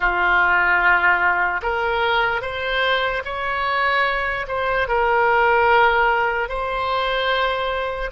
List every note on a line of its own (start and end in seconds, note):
0.00 1.61 F4
1.62 2.41 A#4
2.41 3.22 C5
3.24 4.46 C#5
4.47 4.88 C5
4.88 6.48 A#4
6.48 8.10 C5